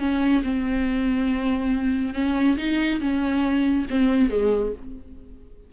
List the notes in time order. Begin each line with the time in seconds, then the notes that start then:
0.00 C#4
0.44 C4
2.14 C#4
2.58 D#4
3.01 C#4
3.90 C4
4.30 G#3